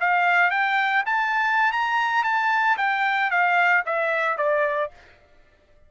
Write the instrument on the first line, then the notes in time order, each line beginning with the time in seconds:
trumpet
0.00 F5
0.51 G5
1.05 A5
1.72 A#5
2.24 A5
2.78 G5
3.30 F5
3.85 E5
4.37 D5